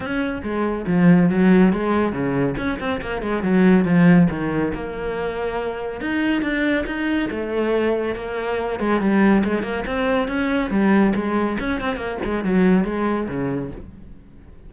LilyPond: \new Staff \with { instrumentName = "cello" } { \time 4/4 \tempo 4 = 140 cis'4 gis4 f4 fis4 | gis4 cis4 cis'8 c'8 ais8 gis8 | fis4 f4 dis4 ais4~ | ais2 dis'4 d'4 |
dis'4 a2 ais4~ | ais8 gis8 g4 gis8 ais8 c'4 | cis'4 g4 gis4 cis'8 c'8 | ais8 gis8 fis4 gis4 cis4 | }